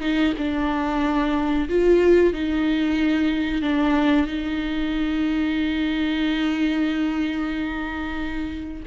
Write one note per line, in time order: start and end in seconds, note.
0.00 0.33 D#4
0.38 1.68 D4
1.68 2.33 F4
2.33 3.62 D#4
3.62 4.26 D4
4.26 8.83 D#4